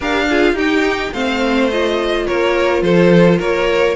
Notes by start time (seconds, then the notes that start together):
0.00 D4 G4 A#4 F5
0.29 F4 G#4
0.52 D#4 G4 G5
1.13 A3 C4 C5 F5
1.71 F4 D#5
2.26 A#3 A#4 C#5
2.82 F3 A4 C5
3.38 A#3 A#4 C#5